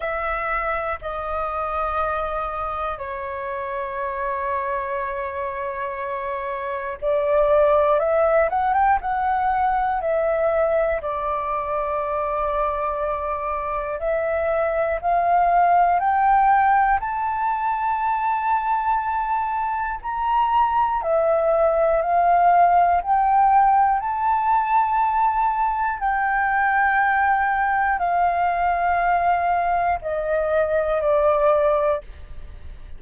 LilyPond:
\new Staff \with { instrumentName = "flute" } { \time 4/4 \tempo 4 = 60 e''4 dis''2 cis''4~ | cis''2. d''4 | e''8 fis''16 g''16 fis''4 e''4 d''4~ | d''2 e''4 f''4 |
g''4 a''2. | ais''4 e''4 f''4 g''4 | a''2 g''2 | f''2 dis''4 d''4 | }